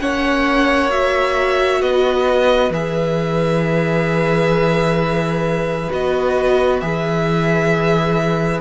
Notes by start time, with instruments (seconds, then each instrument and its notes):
0.00 cello A#3, viola C#4, violin C#5 F#5
0.90 viola F#4, violin E5
1.82 cello B3, violin B4 D#5
2.70 cello E3, viola G#4, violin E5
5.91 cello B3, viola F#4, violin D#5
6.81 cello E3, viola G#4, violin E5